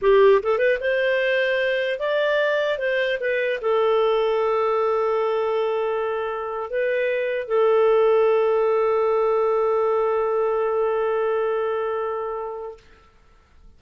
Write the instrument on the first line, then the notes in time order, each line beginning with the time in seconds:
clarinet
0.01 G4
0.42 A4
0.58 B4
0.80 C5
1.99 D5
2.78 C5
3.20 B4
3.61 A4
6.70 B4
7.47 A4